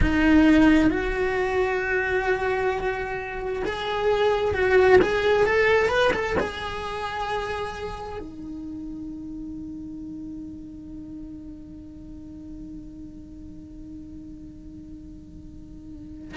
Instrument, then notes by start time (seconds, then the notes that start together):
cello
0.00 D#4
0.90 F#4
3.64 G#4
4.54 F#4
5.01 G#4
5.45 A4
5.88 B4
6.13 A4
6.39 G#4
8.19 D#4